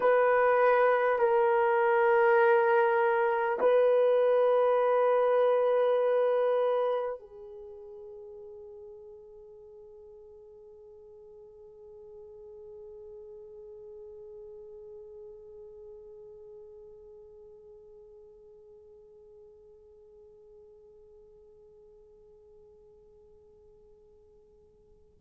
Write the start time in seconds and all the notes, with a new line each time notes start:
0.00 B4
1.18 A#4
3.59 B4
7.19 G#4